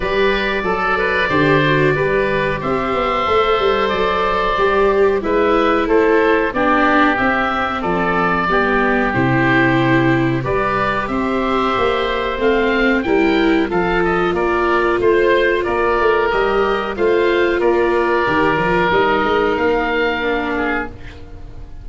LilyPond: <<
  \new Staff \with { instrumentName = "oboe" } { \time 4/4 \tempo 4 = 92 d''1 | e''2 d''2 | e''4 c''4 d''4 e''4 | d''2 c''2 |
d''4 e''2 f''4 | g''4 f''8 dis''8 d''4 c''4 | d''4 dis''4 f''4 d''4~ | d''4 dis''4 f''2 | }
  \new Staff \with { instrumentName = "oboe" } { \time 4/4 b'4 a'8 b'8 c''4 b'4 | c''1 | b'4 a'4 g'2 | a'4 g'2. |
b'4 c''2. | ais'4 a'4 ais'4 c''4 | ais'2 c''4 ais'4~ | ais'2.~ ais'8 gis'8 | }
  \new Staff \with { instrumentName = "viola" } { \time 4/4 g'4 a'4 g'8 fis'8 g'4~ | g'4 a'2 g'4 | e'2 d'4 c'4~ | c'4 b4 e'2 |
g'2. c'4 | e'4 f'2.~ | f'4 g'4 f'2 | g'8 f'8 dis'2 d'4 | }
  \new Staff \with { instrumentName = "tuba" } { \time 4/4 g4 fis4 d4 g4 | c'8 b8 a8 g8 fis4 g4 | gis4 a4 b4 c'4 | f4 g4 c2 |
g4 c'4 ais4 a4 | g4 f4 ais4 a4 | ais8 a8 g4 a4 ais4 | dis8 f8 g8 gis8 ais2 | }
>>